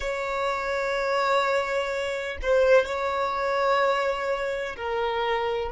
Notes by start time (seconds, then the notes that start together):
0.00 C#5
2.42 C5
2.85 C#5
4.76 A#4